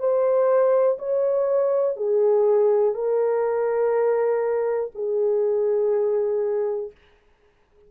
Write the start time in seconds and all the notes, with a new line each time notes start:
0.00 C5
0.99 C#5
1.97 G#4
2.95 A#4
4.95 G#4